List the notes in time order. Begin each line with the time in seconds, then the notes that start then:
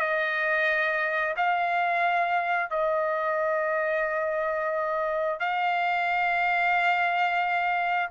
0.00 D#5
1.37 F5
2.71 D#5
5.40 F5